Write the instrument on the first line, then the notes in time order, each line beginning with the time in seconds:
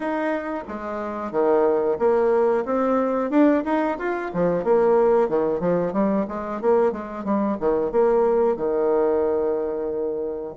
bassoon
0.00 D#4
0.67 G#3
1.31 D#3
1.98 A#3
2.65 C4
3.30 D4
3.64 D#4
3.98 F4
4.33 F3
4.63 A#3
5.28 D#3
5.60 F3
5.93 G3
6.28 G#3
6.61 A#3
6.92 G#3
7.24 G3
7.60 D#3
7.91 A#3
8.56 D#3